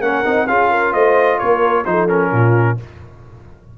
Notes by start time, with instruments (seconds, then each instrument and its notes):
0.00 tuba A#3, trombone C#4, horn A#4, trumpet F#5
0.24 tuba C4, trombone D#4
0.47 tuba C#4, trombone F4, horn G#4, trumpet F5
0.70 horn A#4
0.93 tuba A3, horn C5, trumpet D#5
1.38 tuba A#3, horn A#4, trumpet C#5
1.85 tuba F3, trombone D#4, horn A4, trumpet C5
2.08 trombone C#4, trumpet A#4
2.31 tuba A#2, horn F4